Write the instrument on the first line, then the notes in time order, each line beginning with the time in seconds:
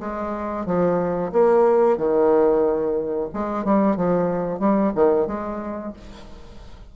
bassoon
0.00 G#3
0.66 F3
1.32 A#3
1.98 D#3
3.33 G#3
3.65 G3
3.96 F3
4.60 G3
4.95 D#3
5.27 G#3